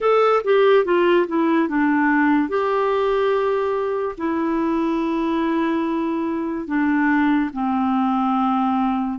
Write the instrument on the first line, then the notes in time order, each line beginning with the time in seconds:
clarinet
0.00 A4
0.44 G4
0.84 F4
1.27 E4
1.68 D4
2.48 G4
4.17 E4
6.67 D4
7.53 C4